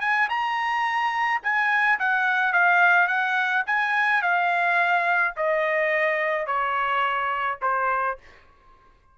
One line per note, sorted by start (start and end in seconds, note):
0.00 0.28 G#5
0.29 1.41 A#5
1.42 1.98 G#5
1.99 2.52 F#5
2.52 3.07 F5
3.07 3.63 F#5
3.66 4.22 G#5
4.22 5.34 F5
5.36 6.46 D#5
6.46 7.58 C#5
7.61 8.17 C5